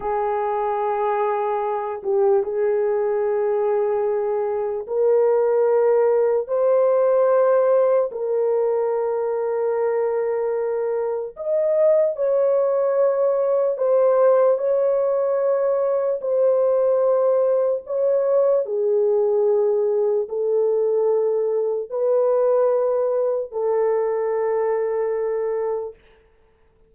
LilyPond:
\new Staff \with { instrumentName = "horn" } { \time 4/4 \tempo 4 = 74 gis'2~ gis'8 g'8 gis'4~ | gis'2 ais'2 | c''2 ais'2~ | ais'2 dis''4 cis''4~ |
cis''4 c''4 cis''2 | c''2 cis''4 gis'4~ | gis'4 a'2 b'4~ | b'4 a'2. | }